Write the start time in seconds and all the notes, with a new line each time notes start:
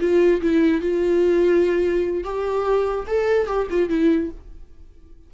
0.00 F4
0.42 E4
0.81 F4
2.24 G4
3.07 A4
3.47 G4
3.70 F4
3.89 E4